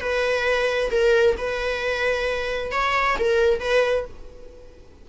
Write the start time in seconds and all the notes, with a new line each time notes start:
0.00 B4
0.91 A#4
1.37 B4
2.71 C#5
3.18 A#4
3.60 B4